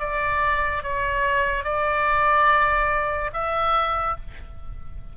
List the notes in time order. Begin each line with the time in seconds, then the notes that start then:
0.00 D5
0.83 C#5
1.64 D5
3.33 E5